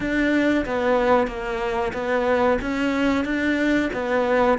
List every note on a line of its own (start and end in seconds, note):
0.00 0.65 D4
0.65 1.27 B3
1.27 1.92 A#3
1.93 2.58 B3
2.61 3.24 C#4
3.24 3.90 D4
3.93 4.58 B3